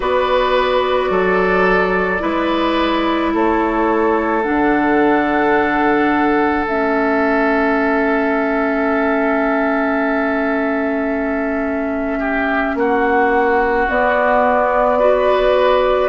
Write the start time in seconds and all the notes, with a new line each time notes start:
0.00 B3 F#4 B4 D5
1.09 F#3 A4
2.19 G#3 E4 B4
3.33 A3 A4 C#5
4.42 D4 F#5
4.48 D3
6.66 A3 C#4 E5
12.19 G4
12.75 A#3 F#4 F#5
13.89 B3 D5
14.98 F#4 B4